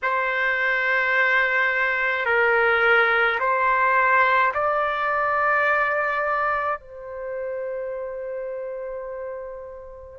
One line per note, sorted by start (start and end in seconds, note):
0.02 2.25 C5
2.25 3.39 A#4
3.39 4.52 C5
4.53 6.79 D5
6.79 10.19 C5